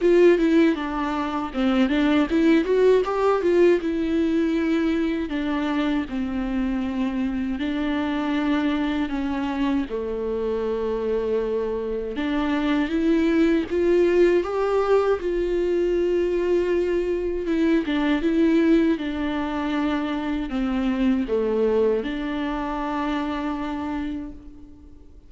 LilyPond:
\new Staff \with { instrumentName = "viola" } { \time 4/4 \tempo 4 = 79 f'8 e'8 d'4 c'8 d'8 e'8 fis'8 | g'8 f'8 e'2 d'4 | c'2 d'2 | cis'4 a2. |
d'4 e'4 f'4 g'4 | f'2. e'8 d'8 | e'4 d'2 c'4 | a4 d'2. | }